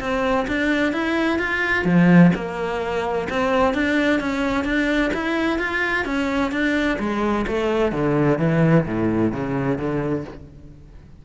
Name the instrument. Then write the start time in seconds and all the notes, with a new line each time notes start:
cello
0.00 C4
0.47 D4
0.93 E4
1.39 F4
1.85 F3
2.35 A#3
3.29 C4
3.74 D4
4.20 C#4
4.64 D4
5.14 E4
5.59 F4
6.05 C#4
6.51 D4
6.99 G#3
7.47 A3
7.92 D3
8.38 E3
8.86 A2
9.32 C#3
9.78 D3